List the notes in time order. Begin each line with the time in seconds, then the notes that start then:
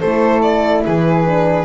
0.00 A3 E4 A4 C5
0.42 D5
0.85 E3 G#4 B4
1.26 D4